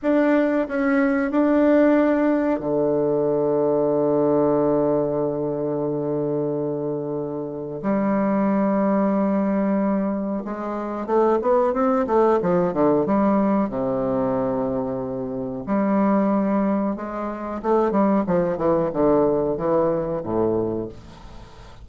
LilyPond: \new Staff \with { instrumentName = "bassoon" } { \time 4/4 \tempo 4 = 92 d'4 cis'4 d'2 | d1~ | d1 | g1 |
gis4 a8 b8 c'8 a8 f8 d8 | g4 c2. | g2 gis4 a8 g8 | f8 e8 d4 e4 a,4 | }